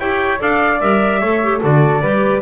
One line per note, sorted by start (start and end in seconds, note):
0.00 0.41 E4
0.00 0.38 G4
0.00 0.41 C#5
0.00 0.41 G5
0.38 0.82 D4
0.38 0.79 A4
0.38 1.21 D5
0.38 0.81 F5
0.81 1.22 G3
0.81 1.22 A#4
0.81 1.62 E5
1.21 1.62 A3
1.21 1.43 A4
1.21 1.61 C#5
1.43 1.61 G4
1.61 2.02 D3
1.61 2.01 F#4
1.61 2.02 A4
1.61 2.42 D5
2.02 2.42 G3
2.02 2.42 G4
2.02 2.42 B4